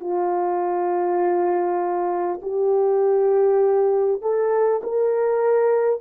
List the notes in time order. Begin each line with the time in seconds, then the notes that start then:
0.00 F4
2.43 G4
4.22 A4
4.83 A#4